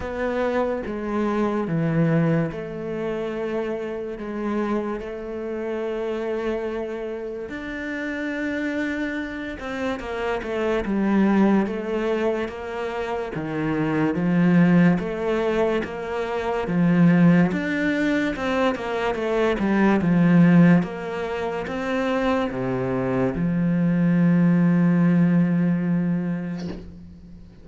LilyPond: \new Staff \with { instrumentName = "cello" } { \time 4/4 \tempo 4 = 72 b4 gis4 e4 a4~ | a4 gis4 a2~ | a4 d'2~ d'8 c'8 | ais8 a8 g4 a4 ais4 |
dis4 f4 a4 ais4 | f4 d'4 c'8 ais8 a8 g8 | f4 ais4 c'4 c4 | f1 | }